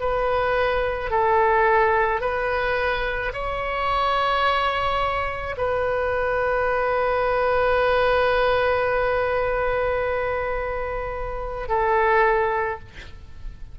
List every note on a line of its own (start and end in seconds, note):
0.00 1.11 B4
1.11 2.21 A4
2.21 3.32 B4
3.33 5.56 C#5
5.57 11.68 B4
11.68 12.79 A4